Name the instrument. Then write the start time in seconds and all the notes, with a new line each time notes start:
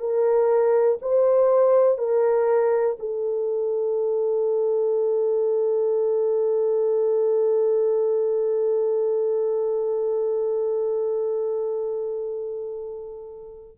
horn
0.00 A#4
1.02 C5
1.98 A#4
3.00 A4